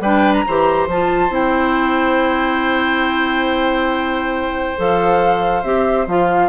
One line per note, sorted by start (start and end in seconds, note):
0.00 0.43 G3
0.00 0.47 D4
0.00 0.45 B4
0.00 0.33 G5
0.33 0.87 A#5
0.46 0.87 E3
0.46 0.90 G4
0.46 6.49 C5
0.87 1.29 F3
0.87 1.30 F4
0.87 1.33 A5
1.29 4.75 C4
1.29 4.75 E4
1.29 4.79 G5
4.77 5.63 F3
4.77 5.64 A4
4.77 5.63 F5
5.63 6.06 C4
5.63 6.07 G4
5.63 6.06 E5
6.07 6.49 F3
6.07 6.49 F4
6.07 6.49 F5